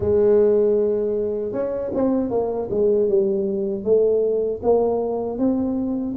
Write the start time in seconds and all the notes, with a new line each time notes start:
0.00 G#3
1.52 C#4
1.94 C4
2.30 A#3
2.70 G#3
3.08 G3
3.84 A3
4.62 A#3
5.38 C4